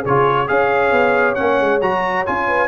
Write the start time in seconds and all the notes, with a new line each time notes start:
0.00 C#3 G#4 C#5
0.08 F4
0.47 C#4 G#4 C#5 F5
0.91 B3
1.34 A#3 C#4 F#5
1.60 G#3
1.81 F#3 F#4 A#5
2.26 C#4 F4 G#5
2.47 B4